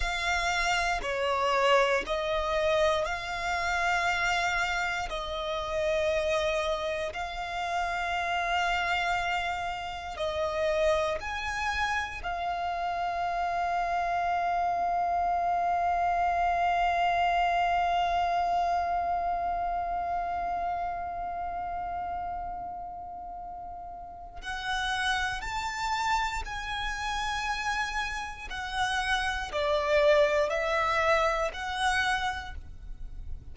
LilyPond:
\new Staff \with { instrumentName = "violin" } { \time 4/4 \tempo 4 = 59 f''4 cis''4 dis''4 f''4~ | f''4 dis''2 f''4~ | f''2 dis''4 gis''4 | f''1~ |
f''1~ | f''1 | fis''4 a''4 gis''2 | fis''4 d''4 e''4 fis''4 | }